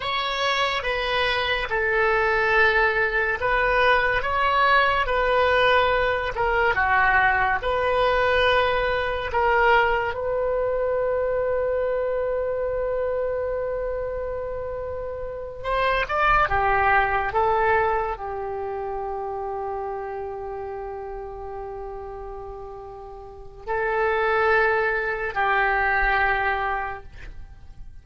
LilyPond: \new Staff \with { instrumentName = "oboe" } { \time 4/4 \tempo 4 = 71 cis''4 b'4 a'2 | b'4 cis''4 b'4. ais'8 | fis'4 b'2 ais'4 | b'1~ |
b'2~ b'8 c''8 d''8 g'8~ | g'8 a'4 g'2~ g'8~ | g'1 | a'2 g'2 | }